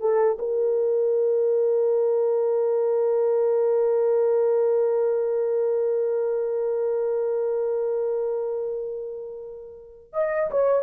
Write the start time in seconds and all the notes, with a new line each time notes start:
0.00 A4
0.39 A#4
10.12 D#5
10.51 C#5